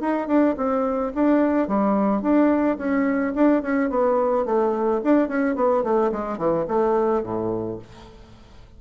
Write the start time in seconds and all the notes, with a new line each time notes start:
0.00 D#4
0.27 D4
0.57 C4
1.15 D4
1.68 G3
2.22 D4
2.78 C#4
3.35 D4
3.62 C#4
3.90 B3
4.46 A3
5.04 D4
5.28 C#4
5.56 B3
5.84 A3
6.12 G#3
6.38 E3
6.68 A3
7.23 A2